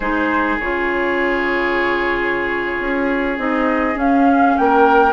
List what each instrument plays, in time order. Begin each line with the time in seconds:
0.00 bassoon G#3, clarinet D#4, oboe G#4, flute C5
0.59 bassoon C#3, clarinet F4, flute C#5
2.79 bassoon C#4
3.38 bassoon C4, clarinet D#4, flute D#5
3.94 clarinet C#4, bassoon C#4, flute F5
4.57 bassoon A#3, oboe A#4, flute G5